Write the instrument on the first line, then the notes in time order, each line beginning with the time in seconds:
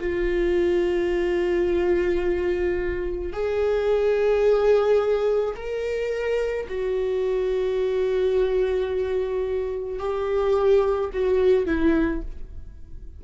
viola
0.00 F4
3.33 G#4
5.56 A#4
6.69 F#4
9.99 G4
11.13 F#4
11.66 E4